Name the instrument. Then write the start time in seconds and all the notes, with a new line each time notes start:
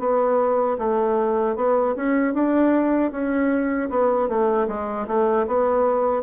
bassoon
0.00 B3
0.79 A3
1.57 B3
1.96 C#4
2.34 D4
3.12 C#4
3.90 B3
4.29 A3
4.68 G#3
5.08 A3
5.47 B3